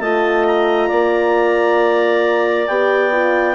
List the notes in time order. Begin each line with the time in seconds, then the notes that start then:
0.00 A3 F4 D#5 A5
0.46 A#5
0.88 A#3 D5
2.67 B3 G4 G5
3.12 F4